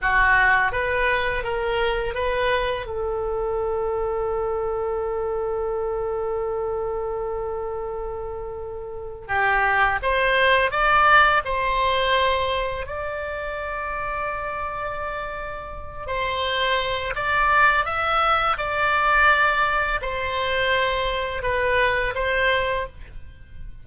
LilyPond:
\new Staff \with { instrumentName = "oboe" } { \time 4/4 \tempo 4 = 84 fis'4 b'4 ais'4 b'4 | a'1~ | a'1~ | a'4 g'4 c''4 d''4 |
c''2 d''2~ | d''2~ d''8 c''4. | d''4 e''4 d''2 | c''2 b'4 c''4 | }